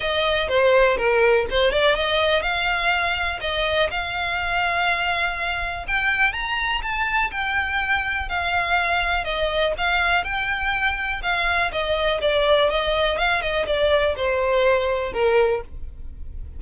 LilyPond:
\new Staff \with { instrumentName = "violin" } { \time 4/4 \tempo 4 = 123 dis''4 c''4 ais'4 c''8 d''8 | dis''4 f''2 dis''4 | f''1 | g''4 ais''4 a''4 g''4~ |
g''4 f''2 dis''4 | f''4 g''2 f''4 | dis''4 d''4 dis''4 f''8 dis''8 | d''4 c''2 ais'4 | }